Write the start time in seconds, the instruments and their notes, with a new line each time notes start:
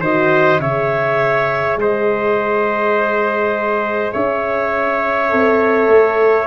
0.00 tuba D#3, horn F#4, trumpet C5, clarinet D#5
0.59 tuba C#3, horn G#4, trumpet C#5, clarinet E5
1.76 tuba G#3, trumpet C5, clarinet D#5
4.12 tuba C#4, trumpet C#5, clarinet E5
5.29 tuba C4, horn A4
5.87 tuba A3